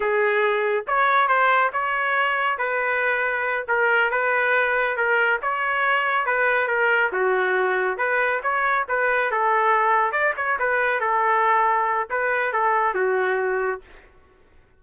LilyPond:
\new Staff \with { instrumentName = "trumpet" } { \time 4/4 \tempo 4 = 139 gis'2 cis''4 c''4 | cis''2 b'2~ | b'8 ais'4 b'2 ais'8~ | ais'8 cis''2 b'4 ais'8~ |
ais'8 fis'2 b'4 cis''8~ | cis''8 b'4 a'2 d''8 | cis''8 b'4 a'2~ a'8 | b'4 a'4 fis'2 | }